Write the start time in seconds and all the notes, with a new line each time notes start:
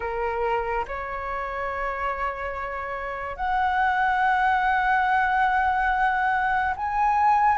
0.00 A#4
0.87 C#5
3.36 F#5
6.76 G#5